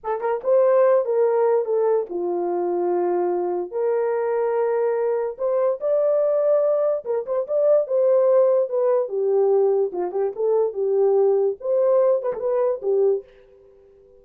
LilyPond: \new Staff \with { instrumentName = "horn" } { \time 4/4 \tempo 4 = 145 a'8 ais'8 c''4. ais'4. | a'4 f'2.~ | f'4 ais'2.~ | ais'4 c''4 d''2~ |
d''4 ais'8 c''8 d''4 c''4~ | c''4 b'4 g'2 | f'8 g'8 a'4 g'2 | c''4. b'16 a'16 b'4 g'4 | }